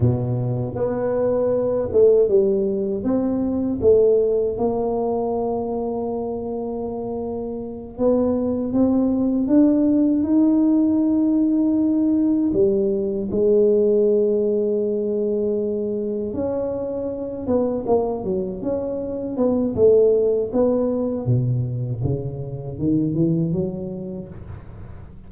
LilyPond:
\new Staff \with { instrumentName = "tuba" } { \time 4/4 \tempo 4 = 79 b,4 b4. a8 g4 | c'4 a4 ais2~ | ais2~ ais8 b4 c'8~ | c'8 d'4 dis'2~ dis'8~ |
dis'8 g4 gis2~ gis8~ | gis4. cis'4. b8 ais8 | fis8 cis'4 b8 a4 b4 | b,4 cis4 dis8 e8 fis4 | }